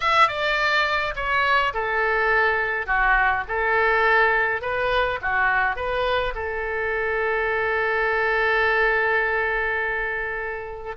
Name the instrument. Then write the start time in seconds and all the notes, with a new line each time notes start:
oboe
0.00 E5
0.28 D5
1.15 C#5
1.73 A4
2.86 F#4
3.48 A4
4.61 B4
5.21 F#4
5.75 B4
6.34 A4